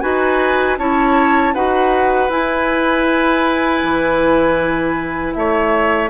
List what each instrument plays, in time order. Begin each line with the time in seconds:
0.00 bassoon D#4, clarinet F#4, oboe B4, flute G#5
0.78 bassoon C#4, clarinet E4, oboe C#5, flute A5
1.54 bassoon D#4, clarinet F#4, oboe B4, flute F#5
2.29 bassoon E4, clarinet E4, flute G#5
3.82 bassoon E3
5.34 bassoon A3, oboe C#5, flute E5